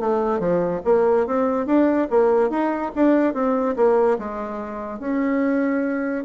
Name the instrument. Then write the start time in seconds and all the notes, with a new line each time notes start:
bassoon
0.00 A3
0.39 F3
0.85 A#3
1.27 C4
1.66 D4
2.10 A#3
2.50 D#4
2.95 D4
3.34 C4
3.76 A#3
4.19 G#3
5.00 C#4